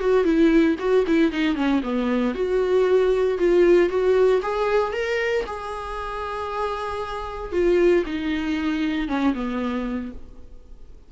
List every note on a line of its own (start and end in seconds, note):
0.00 0.24 F#4
0.24 0.76 E4
0.79 1.05 F#4
1.07 1.32 E4
1.32 1.55 D#4
1.55 1.81 C#4
1.83 2.35 B3
2.35 3.38 F#4
3.38 3.89 F4
3.89 4.41 F#4
4.42 4.93 G#4
4.93 5.45 A#4
5.46 7.52 G#4
7.52 8.04 F4
8.06 9.08 D#4
9.08 9.34 C#4
9.34 10.12 B3